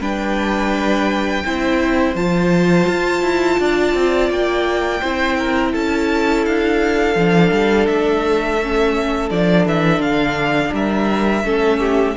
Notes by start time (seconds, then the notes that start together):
0.00 G3 D4 B4 G5
1.45 C4 E4 C5
2.15 F3 F4 A5
2.88 F4
3.22 E4
3.60 D4 D5
3.94 C4
4.30 A#3 G5
5.01 C4 E4 C5
5.38 A#4
5.72 C#4 A4 A5
6.45 D4 F5
7.15 F3 D4
7.51 G3
7.86 A3 E5
8.62 C#4
9.30 F3 D4 D5
9.66 E3 E5
9.99 D3 F5
10.73 G3 A#4 E5
11.44 A3 C#4 A4
11.79 G4